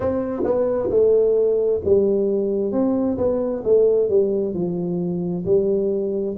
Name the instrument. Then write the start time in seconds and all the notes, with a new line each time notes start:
tuba
0.00 C4
0.44 B3
0.90 A3
1.84 G3
2.71 C4
3.17 B3
3.64 A3
4.09 G3
4.54 F3
5.45 G3